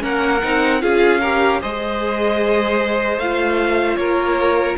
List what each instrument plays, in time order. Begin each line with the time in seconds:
0.00 cello A#3, viola C#4, violin A#4 F#5
0.43 cello C4, viola D#4
0.81 cello C#4, viola F4, violin G#4 F5
1.21 viola G4, violin A#4
1.62 cello G#3, viola G#4, violin C5 D#5
3.18 cello A3, viola F4, violin F5
3.97 cello A#3, violin A#4 C#5